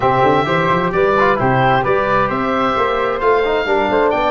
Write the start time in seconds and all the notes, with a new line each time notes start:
0.00 C3 C4 G4 E5
0.22 D3
0.44 E3 G4 C5
0.69 F3
0.92 G3 B4 D5
1.18 F4
1.36 C3 E4 G4 C5
1.82 G3 G4 B4 D5
2.27 C4 C5 E5
2.76 A#3
3.19 A3 F4 F5
3.44 D#4
3.65 G3 D4 A#4
3.90 A3 C5
4.10 B3 D5 G5